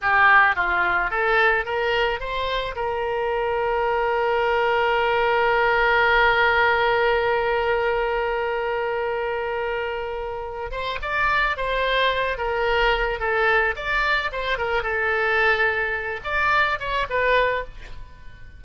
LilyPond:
\new Staff \with { instrumentName = "oboe" } { \time 4/4 \tempo 4 = 109 g'4 f'4 a'4 ais'4 | c''4 ais'2.~ | ais'1~ | ais'1~ |
ais'2.~ ais'8 c''8 | d''4 c''4. ais'4. | a'4 d''4 c''8 ais'8 a'4~ | a'4. d''4 cis''8 b'4 | }